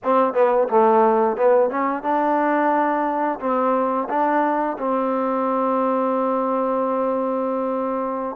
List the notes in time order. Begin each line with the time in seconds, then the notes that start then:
0.03 C4
0.33 B3
0.68 A3
1.36 B3
1.70 C#4
2.02 D4
3.39 C4
4.09 D4
4.78 C4